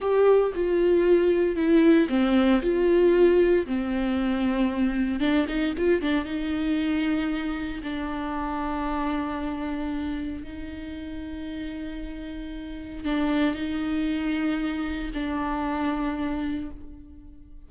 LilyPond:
\new Staff \with { instrumentName = "viola" } { \time 4/4 \tempo 4 = 115 g'4 f'2 e'4 | c'4 f'2 c'4~ | c'2 d'8 dis'8 f'8 d'8 | dis'2. d'4~ |
d'1 | dis'1~ | dis'4 d'4 dis'2~ | dis'4 d'2. | }